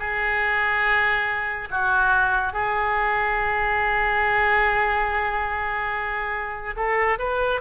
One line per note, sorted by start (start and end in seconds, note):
0.00 1.69 G#4
1.71 2.53 F#4
2.53 6.76 G#4
6.76 7.19 A4
7.19 7.61 B4